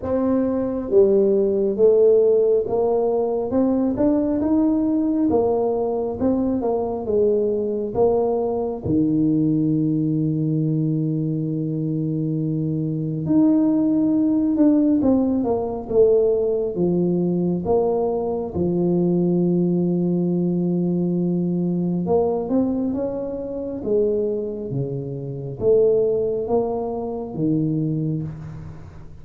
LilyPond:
\new Staff \with { instrumentName = "tuba" } { \time 4/4 \tempo 4 = 68 c'4 g4 a4 ais4 | c'8 d'8 dis'4 ais4 c'8 ais8 | gis4 ais4 dis2~ | dis2. dis'4~ |
dis'8 d'8 c'8 ais8 a4 f4 | ais4 f2.~ | f4 ais8 c'8 cis'4 gis4 | cis4 a4 ais4 dis4 | }